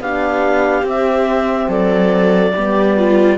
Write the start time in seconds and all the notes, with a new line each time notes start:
0.00 B3 D4 G4 F5
0.82 C4
0.89 E5
1.68 F#3 A4 D5
2.55 G3 B3 G4
2.97 F4